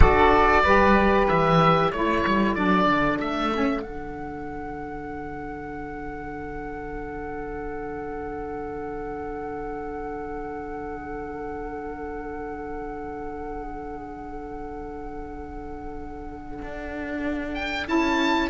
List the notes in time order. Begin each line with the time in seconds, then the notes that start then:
0.00 D4 F#4 A4 D5
0.63 G3 G4 B4
1.28 E3 E5
1.91 A3 E4 A4 C#5
2.24 G3
2.54 F#3 D4 D5
2.86 D3
3.20 A3 E5
3.54 C#4
3.81 D3 D4 F#5
16.62 D4
17.54 G5
17.86 C#4 E4 A5